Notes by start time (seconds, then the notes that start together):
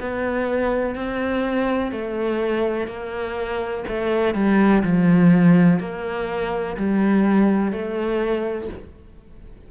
0.00 B3
0.95 C4
1.92 A3
2.87 A#3
3.88 A3
4.35 G3
4.83 F3
5.79 A#3
6.77 G3
7.72 A3